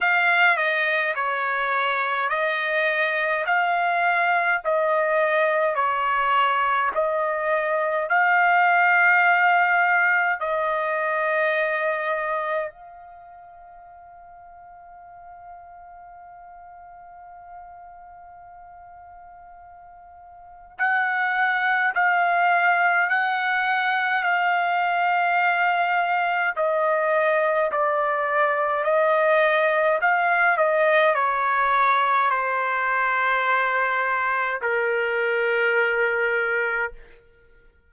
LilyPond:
\new Staff \with { instrumentName = "trumpet" } { \time 4/4 \tempo 4 = 52 f''8 dis''8 cis''4 dis''4 f''4 | dis''4 cis''4 dis''4 f''4~ | f''4 dis''2 f''4~ | f''1~ |
f''2 fis''4 f''4 | fis''4 f''2 dis''4 | d''4 dis''4 f''8 dis''8 cis''4 | c''2 ais'2 | }